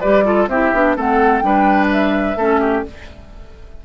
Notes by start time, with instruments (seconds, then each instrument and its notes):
0.00 bassoon G3, clarinet G4, oboe B4, flute D5
0.24 clarinet F4, oboe A4
0.47 bassoon C4, clarinet E4, oboe G4, flute E5
0.73 bassoon B3, clarinet D4
0.96 bassoon A3, clarinet C4, oboe A4, flute F#5
1.39 bassoon G3, clarinet D4, flute G5
1.45 oboe B4
1.91 flute E5
2.36 bassoon A3, clarinet C#4, oboe A4
2.60 oboe G4